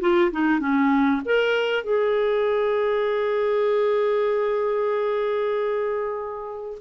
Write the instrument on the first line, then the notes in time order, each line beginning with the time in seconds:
clarinet
0.00 F4
0.31 D#4
0.59 C#4
1.25 A#4
1.83 G#4